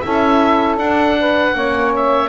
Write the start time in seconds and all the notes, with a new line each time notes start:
0.00 C#4 E4 A4 E5
0.77 D4 F#5
1.20 B4
1.54 A#3 C#4 C#5
1.96 E5